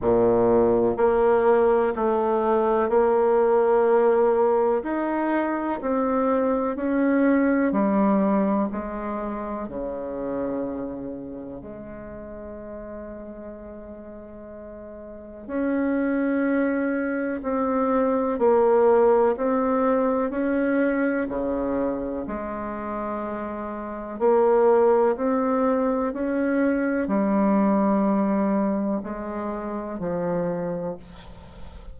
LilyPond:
\new Staff \with { instrumentName = "bassoon" } { \time 4/4 \tempo 4 = 62 ais,4 ais4 a4 ais4~ | ais4 dis'4 c'4 cis'4 | g4 gis4 cis2 | gis1 |
cis'2 c'4 ais4 | c'4 cis'4 cis4 gis4~ | gis4 ais4 c'4 cis'4 | g2 gis4 f4 | }